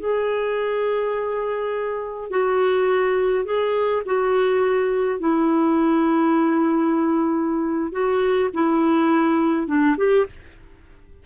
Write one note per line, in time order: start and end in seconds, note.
0.00 2.31 G#4
2.31 3.45 F#4
3.45 4.03 G#4
4.06 5.20 F#4
5.20 7.92 E4
7.92 8.50 F#4
8.54 9.67 E4
9.67 9.96 D4
9.98 10.26 G4